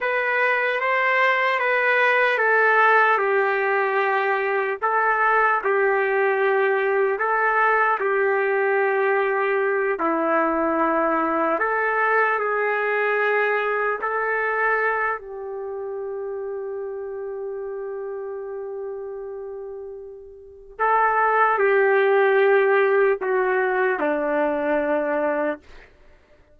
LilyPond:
\new Staff \with { instrumentName = "trumpet" } { \time 4/4 \tempo 4 = 75 b'4 c''4 b'4 a'4 | g'2 a'4 g'4~ | g'4 a'4 g'2~ | g'8 e'2 a'4 gis'8~ |
gis'4. a'4. g'4~ | g'1~ | g'2 a'4 g'4~ | g'4 fis'4 d'2 | }